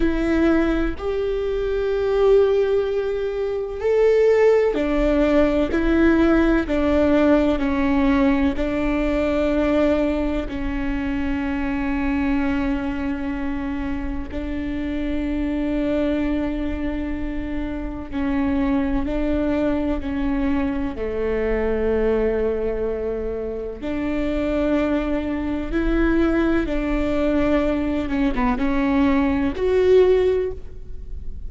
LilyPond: \new Staff \with { instrumentName = "viola" } { \time 4/4 \tempo 4 = 63 e'4 g'2. | a'4 d'4 e'4 d'4 | cis'4 d'2 cis'4~ | cis'2. d'4~ |
d'2. cis'4 | d'4 cis'4 a2~ | a4 d'2 e'4 | d'4. cis'16 b16 cis'4 fis'4 | }